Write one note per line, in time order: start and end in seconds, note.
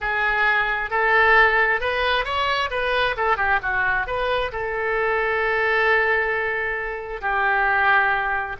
0.00 0.90 G#4
0.90 1.80 A4
1.80 2.24 B4
2.24 2.69 C#5
2.70 3.15 B4
3.16 3.36 A4
3.36 3.59 G4
3.62 4.06 F#4
4.06 4.51 B4
4.52 7.21 A4
7.21 8.56 G4